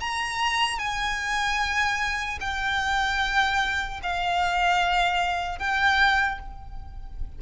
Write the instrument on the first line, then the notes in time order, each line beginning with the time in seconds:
violin
0.00 A#5
0.79 G#5
2.40 G5
4.03 F5
5.59 G5